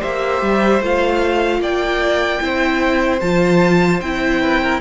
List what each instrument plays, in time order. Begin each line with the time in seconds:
0.00 cello A#3, viola G4, violin C5 E5
0.42 cello G3
0.82 cello A3, viola F4, violin F5
1.60 cello A#3, violin D5 G5
2.41 cello C4, viola E4, violin C5
3.21 cello F3, viola F4, violin A5
4.01 cello C4, viola E4, violin G5
4.42 violin B4
4.62 violin A#4